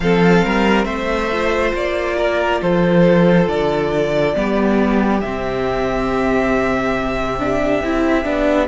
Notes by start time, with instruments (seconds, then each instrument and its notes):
0.00 cello F3, viola C4, violin A4 F5
0.44 cello G3, violin A#4
0.84 cello A3, violin C5 E5
1.31 viola F4
1.74 cello A#3, violin D5
2.17 violin A#4
2.61 cello F3, violin A4 C5
3.47 cello D3, violin D5
4.34 cello G3, viola B3, violin G4
5.20 cello C3, viola C4, violin E5
7.39 viola D4
7.81 cello C4, viola E4
8.24 cello B3, viola D4